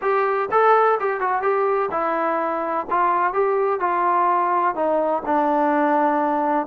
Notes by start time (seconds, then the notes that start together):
0.01 G4
0.51 A4
1.00 G4
1.20 F#4
1.42 G4
1.91 E4
2.90 F4
3.33 G4
3.80 F4
4.75 D#4
5.25 D4